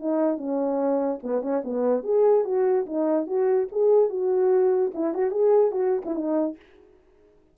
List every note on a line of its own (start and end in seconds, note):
0.00 0.38 D#4
0.38 1.20 C#4
1.23 1.42 B3
1.42 1.63 C#4
1.65 2.04 B3
2.04 2.45 G#4
2.45 2.86 F#4
2.87 3.27 D#4
3.27 3.68 F#4
3.72 4.10 G#4
4.10 4.92 F#4
4.95 5.15 E4
5.15 5.32 F#4
5.32 5.72 G#4
5.72 6.03 F#4
6.06 6.16 E4
6.16 6.57 D#4